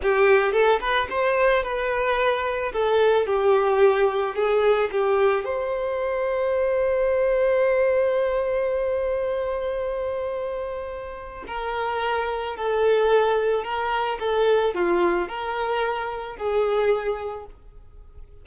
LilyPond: \new Staff \with { instrumentName = "violin" } { \time 4/4 \tempo 4 = 110 g'4 a'8 b'8 c''4 b'4~ | b'4 a'4 g'2 | gis'4 g'4 c''2~ | c''1~ |
c''1~ | c''4 ais'2 a'4~ | a'4 ais'4 a'4 f'4 | ais'2 gis'2 | }